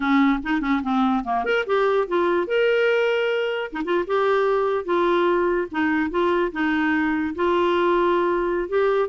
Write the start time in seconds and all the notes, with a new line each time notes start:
0.00 C#4
0.43 D#4
0.60 C#4
0.82 C4
1.24 A#3
1.44 A#4
1.66 G4
2.07 F4
2.47 A#4
3.72 D#4
3.84 F4
4.06 G4
4.85 F4
5.71 D#4
6.10 F4
6.52 D#4
7.35 F4
8.69 G4